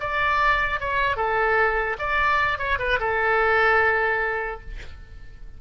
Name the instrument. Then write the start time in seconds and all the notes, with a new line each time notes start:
oboe
0.00 D5
0.80 C#5
1.16 A4
1.99 D5
2.58 C#5
2.79 B4
3.00 A4